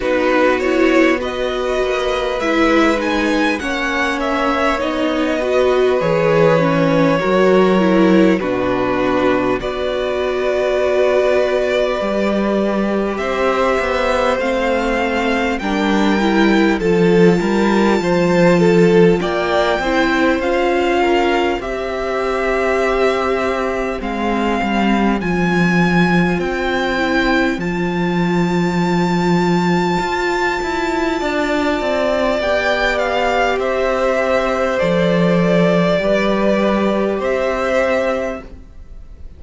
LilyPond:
<<
  \new Staff \with { instrumentName = "violin" } { \time 4/4 \tempo 4 = 50 b'8 cis''8 dis''4 e''8 gis''8 fis''8 e''8 | dis''4 cis''2 b'4 | d''2. e''4 | f''4 g''4 a''2 |
g''4 f''4 e''2 | f''4 gis''4 g''4 a''4~ | a''2. g''8 f''8 | e''4 d''2 e''4 | }
  \new Staff \with { instrumentName = "violin" } { \time 4/4 fis'4 b'2 cis''4~ | cis''8 b'4. ais'4 fis'4 | b'2. c''4~ | c''4 ais'4 a'8 ais'8 c''8 a'8 |
d''8 c''4 ais'8 c''2~ | c''1~ | c''2 d''2 | c''2 b'4 c''4 | }
  \new Staff \with { instrumentName = "viola" } { \time 4/4 dis'8 e'8 fis'4 e'8 dis'8 cis'4 | dis'8 fis'8 gis'8 cis'8 fis'8 e'8 d'4 | fis'2 g'2 | c'4 d'8 e'8 f'2~ |
f'8 e'8 f'4 g'2 | c'4 f'4. e'8 f'4~ | f'2. g'4~ | g'4 a'4 g'2 | }
  \new Staff \with { instrumentName = "cello" } { \time 4/4 b4. ais8 gis4 ais4 | b4 e4 fis4 b,4 | b2 g4 c'8 b8 | a4 g4 f8 g8 f4 |
ais8 c'8 cis'4 c'2 | gis8 g8 f4 c'4 f4~ | f4 f'8 e'8 d'8 c'8 b4 | c'4 f4 g4 c'4 | }
>>